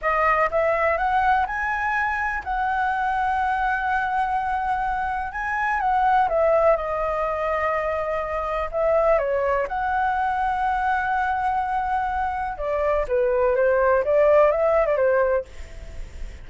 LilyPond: \new Staff \with { instrumentName = "flute" } { \time 4/4 \tempo 4 = 124 dis''4 e''4 fis''4 gis''4~ | gis''4 fis''2.~ | fis''2. gis''4 | fis''4 e''4 dis''2~ |
dis''2 e''4 cis''4 | fis''1~ | fis''2 d''4 b'4 | c''4 d''4 e''8. d''16 c''4 | }